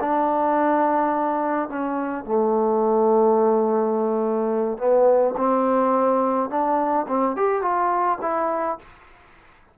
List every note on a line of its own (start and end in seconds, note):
0.00 1.69 D4
1.69 2.25 C#4
2.25 4.78 A3
4.78 5.34 B3
5.37 6.49 C4
6.49 7.06 D4
7.08 7.36 C4
7.36 7.62 G4
7.62 8.18 F4
8.21 8.78 E4